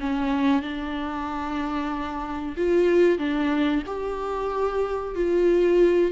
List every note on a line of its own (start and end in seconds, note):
0.00 0.62 C#4
0.62 2.56 D4
2.57 3.18 F4
3.18 3.83 D4
3.87 5.16 G4
5.16 6.12 F4